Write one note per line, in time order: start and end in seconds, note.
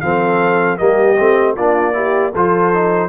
0.00 0.79 F3
0.00 0.78 C4
0.00 0.79 A4
0.00 0.77 F5
0.77 1.18 G3
0.77 1.16 A#3
0.77 1.55 G4
0.77 1.54 D#5
1.18 1.56 A3
1.18 1.57 C4
1.55 2.34 A#3
1.55 1.93 D4
1.55 1.93 F4
1.55 2.33 D5
1.93 2.31 E4
1.93 2.32 G4
2.32 3.08 F3
2.32 2.73 F4
2.32 3.08 A4
2.32 3.08 C5
2.73 3.08 D#4